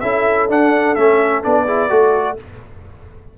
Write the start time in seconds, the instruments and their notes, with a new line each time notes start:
0.00 tuba C#4, trombone E4, horn A4, trumpet E5
0.49 tuba D4, trombone D4, trumpet F#5
0.95 tuba A3, trombone C#4, trumpet E5
1.43 tuba B3, trombone D4, trumpet D5
1.65 trombone E4, horn G#4
1.90 tuba A3, trombone F#4, horn A4